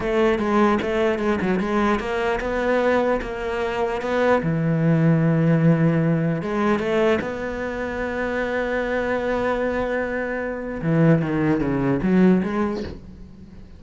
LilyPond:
\new Staff \with { instrumentName = "cello" } { \time 4/4 \tempo 4 = 150 a4 gis4 a4 gis8 fis8 | gis4 ais4 b2 | ais2 b4 e4~ | e1 |
gis4 a4 b2~ | b1~ | b2. e4 | dis4 cis4 fis4 gis4 | }